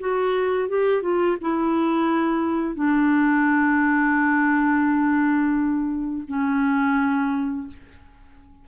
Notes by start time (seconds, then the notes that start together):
0.00 F#4
0.69 G4
1.02 F4
1.41 E4
2.75 D4
6.28 C#4